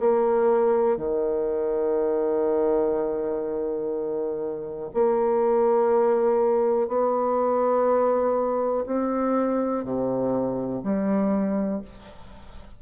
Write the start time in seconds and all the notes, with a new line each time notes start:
0.00 A#3
0.97 D#3
4.94 A#3
6.88 B3
8.86 C4
9.84 C3
10.83 G3